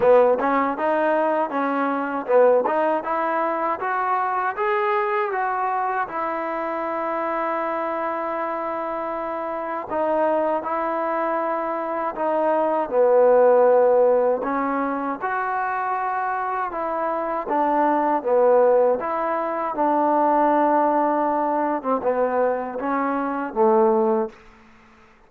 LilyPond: \new Staff \with { instrumentName = "trombone" } { \time 4/4 \tempo 4 = 79 b8 cis'8 dis'4 cis'4 b8 dis'8 | e'4 fis'4 gis'4 fis'4 | e'1~ | e'4 dis'4 e'2 |
dis'4 b2 cis'4 | fis'2 e'4 d'4 | b4 e'4 d'2~ | d'8. c'16 b4 cis'4 a4 | }